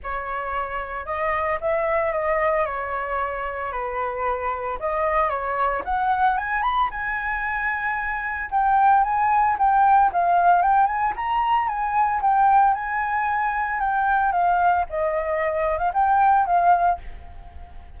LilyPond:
\new Staff \with { instrumentName = "flute" } { \time 4/4 \tempo 4 = 113 cis''2 dis''4 e''4 | dis''4 cis''2 b'4~ | b'4 dis''4 cis''4 fis''4 | gis''8 b''8 gis''2. |
g''4 gis''4 g''4 f''4 | g''8 gis''8 ais''4 gis''4 g''4 | gis''2 g''4 f''4 | dis''4.~ dis''16 f''16 g''4 f''4 | }